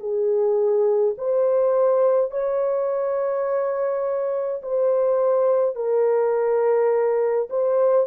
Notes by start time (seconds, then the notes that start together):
0.00 G#4
1.18 C5
2.31 C#5
4.62 C5
5.76 A#4
7.50 C5